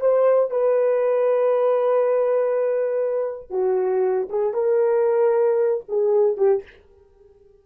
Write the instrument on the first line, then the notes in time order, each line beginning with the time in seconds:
horn
0.00 C5
0.50 B4
3.50 F#4
4.29 G#4
4.53 A#4
5.88 G#4
6.37 G4